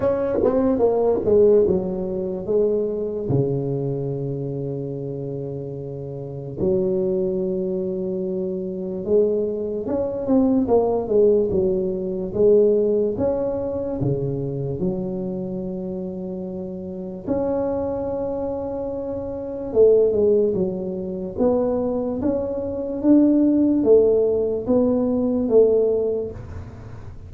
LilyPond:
\new Staff \with { instrumentName = "tuba" } { \time 4/4 \tempo 4 = 73 cis'8 c'8 ais8 gis8 fis4 gis4 | cis1 | fis2. gis4 | cis'8 c'8 ais8 gis8 fis4 gis4 |
cis'4 cis4 fis2~ | fis4 cis'2. | a8 gis8 fis4 b4 cis'4 | d'4 a4 b4 a4 | }